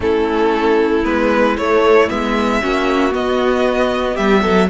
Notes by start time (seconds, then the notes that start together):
0.00 A3 C#4 E4 A4
1.03 G#3 B3 B4
1.57 A3 C#5
2.08 G#3 B3 E5
2.61 A#3 C#4 F#4
3.10 B3 D#5
4.14 G3 G4 E5
4.41 F#3 A4